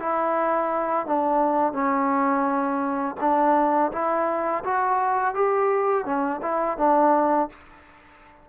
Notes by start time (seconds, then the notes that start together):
0.00 E4
1.07 D4
1.73 C#4
3.20 D4
3.93 E4
4.64 F#4
5.35 G4
6.06 C#4
6.42 E4
6.78 D4